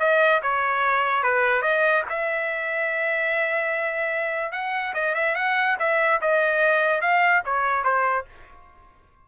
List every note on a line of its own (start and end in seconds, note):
0.00 0.41 D#5
0.43 1.24 C#5
1.24 1.62 B4
1.62 2.04 D#5
2.09 4.52 E5
4.52 4.94 F#5
4.94 5.15 D#5
5.15 5.36 E5
5.36 5.77 F#5
5.79 6.21 E5
6.21 7.02 D#5
7.02 7.43 F5
7.45 7.84 C#5
7.84 8.26 C5